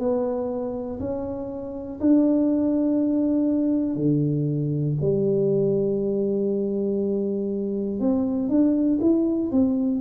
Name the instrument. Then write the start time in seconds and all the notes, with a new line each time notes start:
tuba
0.00 B3
1.00 C#4
2.01 D4
3.96 D3
5.01 G3
8.00 C4
8.50 D4
9.01 E4
9.52 C4